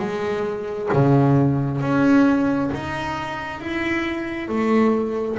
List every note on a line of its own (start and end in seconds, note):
0.00 0.90 G#3
0.94 1.82 C#3
1.82 2.71 C#4
2.74 3.61 D#4
3.61 4.49 E4
4.49 5.38 A3